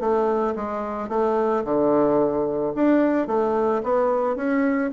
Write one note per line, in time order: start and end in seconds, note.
0.00 0.55 A3
0.56 1.09 G#3
1.09 1.64 A3
1.64 2.73 D3
2.75 3.28 D4
3.28 3.82 A3
3.83 4.36 B3
4.36 4.91 C#4